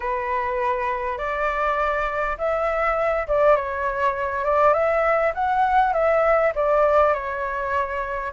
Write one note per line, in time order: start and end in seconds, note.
0.00 1.17 B4
1.17 2.36 D5
2.38 3.27 E5
3.27 3.56 D5
3.56 4.44 C#5
4.44 4.73 D5
4.73 5.32 E5
5.34 5.93 F#5
5.93 6.52 E5
6.55 7.13 D5
7.13 8.32 C#5